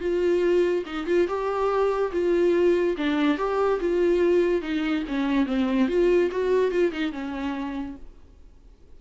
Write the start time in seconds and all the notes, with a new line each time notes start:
0.00 F4
0.86 D#4
1.07 F4
1.28 G4
2.12 F4
2.97 D4
3.38 G4
3.80 F4
4.62 D#4
5.08 C#4
5.46 C4
5.88 F4
6.31 F#4
6.71 F4
6.92 D#4
7.12 C#4